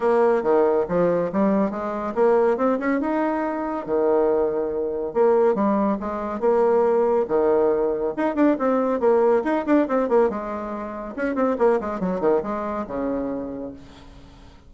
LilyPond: \new Staff \with { instrumentName = "bassoon" } { \time 4/4 \tempo 4 = 140 ais4 dis4 f4 g4 | gis4 ais4 c'8 cis'8 dis'4~ | dis'4 dis2. | ais4 g4 gis4 ais4~ |
ais4 dis2 dis'8 d'8 | c'4 ais4 dis'8 d'8 c'8 ais8 | gis2 cis'8 c'8 ais8 gis8 | fis8 dis8 gis4 cis2 | }